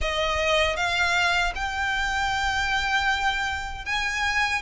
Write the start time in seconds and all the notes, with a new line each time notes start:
0.01 D#5
0.76 F5
1.55 G5
3.85 G#5